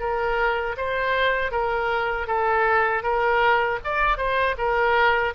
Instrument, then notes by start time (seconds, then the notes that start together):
oboe
0.00 A#4
0.77 C5
1.52 A#4
2.27 A4
3.03 A#4
3.85 D5
4.18 C5
4.58 A#4